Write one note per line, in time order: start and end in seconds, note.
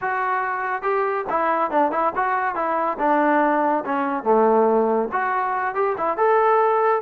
0.01 0.82 F#4
0.82 1.25 G4
1.29 1.70 E4
1.70 1.91 D4
1.91 2.12 E4
2.15 2.55 F#4
2.55 2.97 E4
2.99 3.84 D4
3.85 4.23 C#4
4.23 5.08 A3
5.12 5.74 F#4
5.74 5.96 G4
5.97 6.17 E4
6.17 7.01 A4